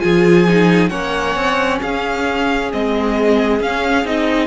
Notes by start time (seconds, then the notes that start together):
0.00 F3 F4 G#4 G#5
0.49 D#4
0.89 A#3 C#4 C#5 F#5
1.36 C4
1.81 C#4 G#4 F5
2.72 G#3 C4 D#5
3.60 C#4 F5
4.05 C4 D#4 D#5